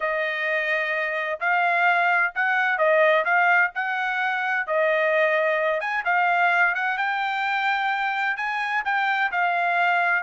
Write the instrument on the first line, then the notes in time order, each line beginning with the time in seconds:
trumpet
0.00 D#5
1.40 F5
2.34 F#5
2.78 D#5
3.24 F5
3.74 F#5
4.66 D#5
5.80 G#5
6.04 F5
6.74 F#5
6.97 G5
8.36 G#5
8.84 G5
9.31 F5